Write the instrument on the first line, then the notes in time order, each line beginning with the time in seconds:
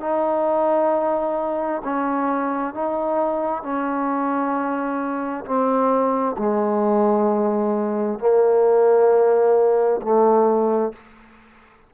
trombone
0.00 D#4
1.84 C#4
2.74 D#4
3.63 C#4
5.45 C4
6.38 G#3
8.19 A#3
10.02 A3